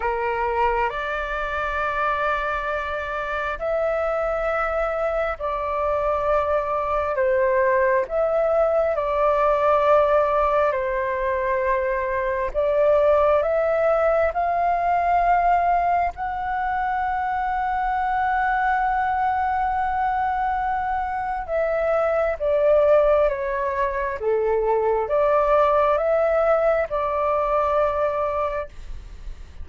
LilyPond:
\new Staff \with { instrumentName = "flute" } { \time 4/4 \tempo 4 = 67 ais'4 d''2. | e''2 d''2 | c''4 e''4 d''2 | c''2 d''4 e''4 |
f''2 fis''2~ | fis''1 | e''4 d''4 cis''4 a'4 | d''4 e''4 d''2 | }